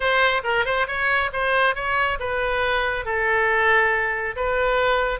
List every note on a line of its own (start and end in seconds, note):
0.00 0.42 C5
0.43 0.65 A#4
0.65 0.87 C5
0.87 1.30 C#5
1.32 1.75 C5
1.75 2.18 C#5
2.19 3.05 B4
3.05 4.35 A4
4.35 5.19 B4